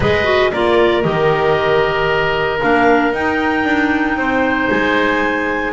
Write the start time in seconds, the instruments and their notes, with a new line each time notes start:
0.00 double bass G#3, clarinet G#4 D#5, oboe B4
0.24 clarinet F#4
0.52 double bass A#3, clarinet F4 D5, oboe A#4
1.02 double bass D#3, clarinet G4 D#5
2.61 double bass A#3, clarinet D4 F5
3.12 double bass D#4, clarinet D#4 G5
3.64 double bass D4
4.16 double bass C4, oboe C5
4.69 double bass G#3, clarinet G#5